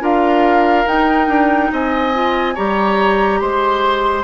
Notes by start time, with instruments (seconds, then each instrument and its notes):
0.00 bassoon D4, clarinet F4, oboe A#4, flute F5
0.86 bassoon D#4, clarinet D#4, flute G5
1.27 bassoon D4
1.72 bassoon C4, oboe D#5, flute G#5
2.13 clarinet F4
2.54 bassoon G3, clarinet G4, oboe C#5, flute A#5
3.40 bassoon G#3, oboe C5, flute C6